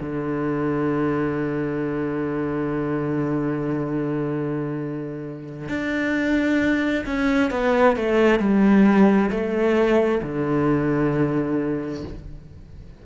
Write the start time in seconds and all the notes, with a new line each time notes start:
0.00 D3
5.68 D4
7.05 C#4
7.50 B3
7.96 A3
8.39 G3
9.30 A3
10.22 D3